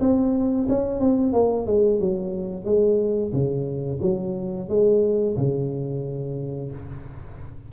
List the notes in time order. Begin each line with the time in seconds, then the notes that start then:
0.00 C4
0.69 C#4
1.00 C4
1.33 A#3
1.66 G#3
2.00 F#3
2.65 G#3
3.33 C#3
4.02 F#3
4.69 G#3
5.37 C#3